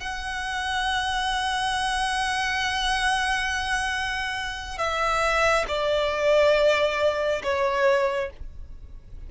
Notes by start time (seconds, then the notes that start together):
0.00 F#5
4.78 E5
5.68 D5
7.43 C#5